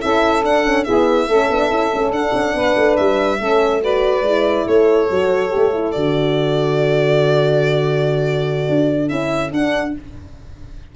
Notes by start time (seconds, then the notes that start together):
0.00 C#4 E4 A4 E5
0.43 D4 F#5
0.64 C#4
0.84 B3 E4 G#4 E5
1.28 A3 C#4 A4
1.49 B3 D4
1.69 C#4 E4
1.93 A3 C#4
2.11 D4 F#5
2.33 C#4
2.54 B3 B4
2.76 A3
2.96 G3 E5
3.39 A3 C#4 A4
3.81 F#4 B4 D5
4.21 G#3 E4
4.66 A3 A4 C#5
5.10 F#3 F#4
5.50 A3 G4
5.74 E4
5.91 D3 F#4 D5
8.69 D4
9.08 C#4 E4 E5
9.51 D4 F#5